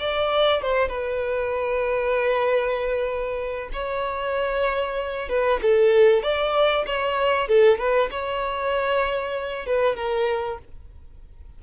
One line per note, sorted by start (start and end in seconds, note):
0.00 0.62 D5
0.62 0.89 C5
0.89 3.70 B4
3.73 5.29 C#5
5.29 5.61 B4
5.62 6.23 A4
6.23 6.86 D5
6.87 7.49 C#5
7.49 7.79 A4
7.79 8.10 B4
8.11 9.66 C#5
9.66 9.97 B4
9.97 10.59 A#4